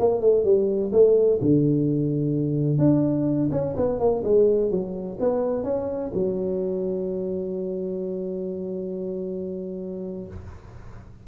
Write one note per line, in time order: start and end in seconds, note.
0.00 0.22 A#3
0.22 0.45 A3
0.45 0.92 G3
0.93 1.40 A3
1.42 2.79 D3
2.79 3.50 D4
3.52 3.75 C#4
3.77 4.00 B3
4.00 4.23 A#3
4.24 4.71 G#3
4.71 5.18 F#3
5.20 5.64 B3
5.64 6.11 C#4
6.14 10.28 F#3